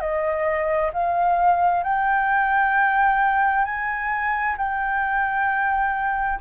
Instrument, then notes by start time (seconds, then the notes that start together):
flute
0.00 D#5
0.93 F5
1.83 G5
3.65 G#5
4.57 G5